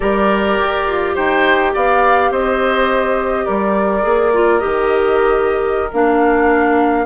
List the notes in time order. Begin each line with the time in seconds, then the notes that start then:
0.00 G3 G4 A#4 D5
0.60 G4
0.87 F4
1.15 D#4 C5 G5
1.73 B3 D5 F5
2.30 C4 C5 D#5
3.45 G3 A#4 D5
4.02 A#3 G#4
4.33 F4
4.59 D#3 G4 D#5
5.92 A#3 D4 F5